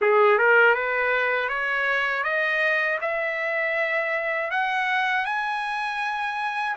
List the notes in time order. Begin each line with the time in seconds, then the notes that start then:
0.01 G#4
0.38 A#4
0.74 B4
1.49 C#5
2.23 D#5
3.01 E5
4.50 F#5
5.25 G#5